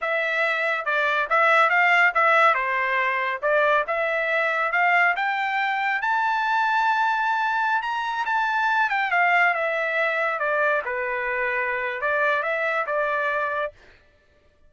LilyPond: \new Staff \with { instrumentName = "trumpet" } { \time 4/4 \tempo 4 = 140 e''2 d''4 e''4 | f''4 e''4 c''2 | d''4 e''2 f''4 | g''2 a''2~ |
a''2~ a''16 ais''4 a''8.~ | a''8. g''8 f''4 e''4.~ e''16~ | e''16 d''4 b'2~ b'8. | d''4 e''4 d''2 | }